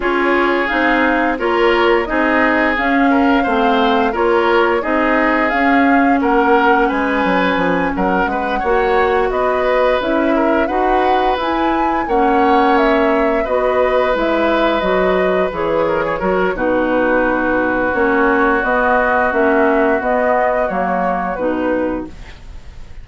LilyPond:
<<
  \new Staff \with { instrumentName = "flute" } { \time 4/4 \tempo 4 = 87 cis''4 f''4 cis''4 dis''4 | f''2 cis''4 dis''4 | f''4 fis''4 gis''4. fis''8~ | fis''4. dis''4 e''4 fis''8~ |
fis''8 gis''4 fis''4 e''4 dis''8~ | dis''8 e''4 dis''4 cis''4. | b'2 cis''4 dis''4 | e''4 dis''4 cis''4 b'4 | }
  \new Staff \with { instrumentName = "oboe" } { \time 4/4 gis'2 ais'4 gis'4~ | gis'8 ais'8 c''4 ais'4 gis'4~ | gis'4 ais'4 b'4. ais'8 | b'8 cis''4 b'4. ais'8 b'8~ |
b'4. cis''2 b'8~ | b'2. ais'16 gis'16 ais'8 | fis'1~ | fis'1 | }
  \new Staff \with { instrumentName = "clarinet" } { \time 4/4 f'4 dis'4 f'4 dis'4 | cis'4 c'4 f'4 dis'4 | cis'1~ | cis'8 fis'2 e'4 fis'8~ |
fis'8 e'4 cis'2 fis'8~ | fis'8 e'4 fis'4 gis'4 fis'8 | dis'2 cis'4 b4 | cis'4 b4 ais4 dis'4 | }
  \new Staff \with { instrumentName = "bassoon" } { \time 4/4 cis'4 c'4 ais4 c'4 | cis'4 a4 ais4 c'4 | cis'4 ais4 gis8 fis8 f8 fis8 | gis8 ais4 b4 cis'4 dis'8~ |
dis'8 e'4 ais2 b8~ | b8 gis4 fis4 e4 fis8 | b,2 ais4 b4 | ais4 b4 fis4 b,4 | }
>>